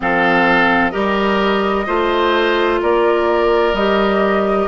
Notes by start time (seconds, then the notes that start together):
0.00 F3 C4 A4 F5
0.90 G3 G4 A#4 D#5
1.86 A3 F4 C5
2.82 A#3 A#4 D5
3.73 G3 G4 D#5